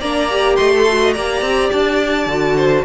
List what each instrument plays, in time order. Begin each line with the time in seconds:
0.00 cello A#3, viola D4, violin D5 A#5
0.30 viola G4
0.57 cello A3, violin D#5 C6
0.71 violin A4
0.88 viola F#4
1.03 violin D#5
1.13 cello A#3, viola G4, violin D5 A#5
1.42 cello C4
1.72 cello D4, violin A5
2.27 cello D3, viola F#4
2.57 violin C5